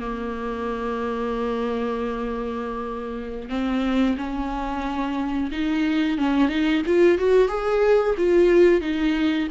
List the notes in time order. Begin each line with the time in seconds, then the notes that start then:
0.00 A#3
3.50 C4
4.18 C#4
5.52 D#4
6.18 C#4
6.49 D#4
6.86 F4
7.18 F#4
7.48 G#4
8.18 F4
8.81 D#4